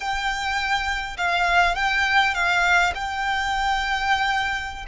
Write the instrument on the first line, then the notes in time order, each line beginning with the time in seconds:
violin
0.00 G5
1.17 F5
1.75 G5
2.34 F5
2.94 G5